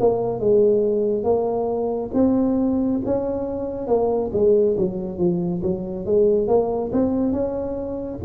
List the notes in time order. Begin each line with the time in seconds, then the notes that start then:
0.00 A#3
0.39 G#3
1.23 A#3
2.13 C4
3.05 C#4
3.87 A#3
4.32 G#3
4.77 F#3
5.18 F3
5.62 F#3
6.06 G#3
6.47 A#3
6.92 C4
7.32 C#4